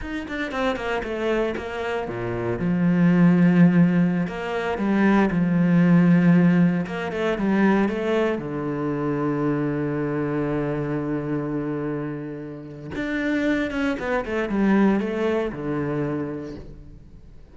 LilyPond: \new Staff \with { instrumentName = "cello" } { \time 4/4 \tempo 4 = 116 dis'8 d'8 c'8 ais8 a4 ais4 | ais,4 f2.~ | f16 ais4 g4 f4.~ f16~ | f4~ f16 ais8 a8 g4 a8.~ |
a16 d2.~ d8.~ | d1~ | d4 d'4. cis'8 b8 a8 | g4 a4 d2 | }